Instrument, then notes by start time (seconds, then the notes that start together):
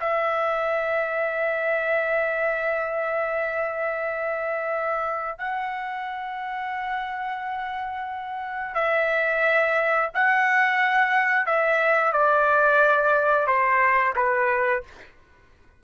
trumpet
0.00 E5
5.38 F#5
8.74 E5
10.14 F#5
11.46 E5
12.13 D5
13.47 C5
14.16 B4